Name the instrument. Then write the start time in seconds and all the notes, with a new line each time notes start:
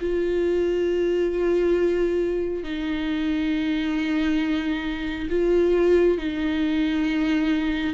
viola
0.00 F4
2.64 D#4
5.30 F4
6.18 D#4